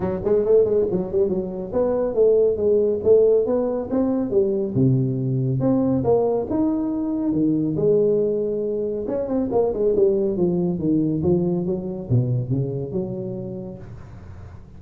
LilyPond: \new Staff \with { instrumentName = "tuba" } { \time 4/4 \tempo 4 = 139 fis8 gis8 a8 gis8 fis8 g8 fis4 | b4 a4 gis4 a4 | b4 c'4 g4 c4~ | c4 c'4 ais4 dis'4~ |
dis'4 dis4 gis2~ | gis4 cis'8 c'8 ais8 gis8 g4 | f4 dis4 f4 fis4 | b,4 cis4 fis2 | }